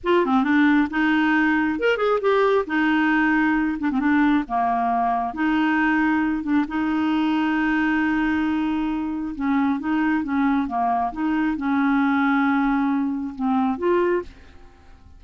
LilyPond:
\new Staff \with { instrumentName = "clarinet" } { \time 4/4 \tempo 4 = 135 f'8 c'8 d'4 dis'2 | ais'8 gis'8 g'4 dis'2~ | dis'8 d'16 c'16 d'4 ais2 | dis'2~ dis'8 d'8 dis'4~ |
dis'1~ | dis'4 cis'4 dis'4 cis'4 | ais4 dis'4 cis'2~ | cis'2 c'4 f'4 | }